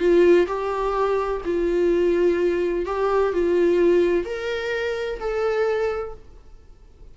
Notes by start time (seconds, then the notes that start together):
0.00 F4
0.47 G4
1.45 F4
2.86 G4
3.33 F4
4.25 A#4
5.20 A4